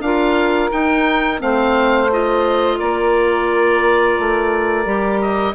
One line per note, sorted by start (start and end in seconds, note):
0.00 0.69 D4
0.00 0.71 F4
0.00 1.41 A#4
0.00 0.70 F5
0.71 1.38 D#4
0.71 1.41 D#4
0.71 1.40 G5
1.38 2.79 A3
1.38 2.07 C4
1.38 2.78 C5
1.38 2.10 F5
2.12 4.85 F4
2.12 2.79 D#5
2.78 4.18 A#3
2.78 5.53 A#4
2.78 5.20 D5
4.18 4.85 A3
4.85 5.54 G3
4.85 5.54 G4
5.21 5.54 D#5